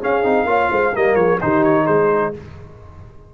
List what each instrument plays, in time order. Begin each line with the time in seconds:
0.00 trombone C#4, tuba C#4, horn G#4, trumpet F5
0.23 tuba C4, trombone D#4
0.44 tuba A#3, trombone F4, horn C#5
0.71 tuba G#3, horn C5
0.93 tuba G3, trombone A#3, horn A#4, trumpet D#5
1.15 tuba F3, horn G#4, trumpet C#5
1.41 tuba D#3, trombone D#4, horn G4, trumpet C5
1.63 trumpet C#5
1.83 tuba G#3, horn G#4, trumpet C5